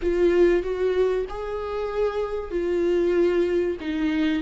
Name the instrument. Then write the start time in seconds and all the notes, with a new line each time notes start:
viola
0.02 F4
0.62 F#4
1.29 G#4
2.50 F4
3.80 D#4